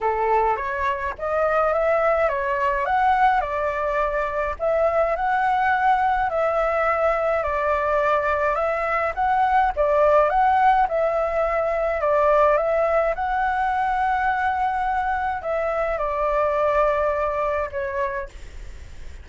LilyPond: \new Staff \with { instrumentName = "flute" } { \time 4/4 \tempo 4 = 105 a'4 cis''4 dis''4 e''4 | cis''4 fis''4 d''2 | e''4 fis''2 e''4~ | e''4 d''2 e''4 |
fis''4 d''4 fis''4 e''4~ | e''4 d''4 e''4 fis''4~ | fis''2. e''4 | d''2. cis''4 | }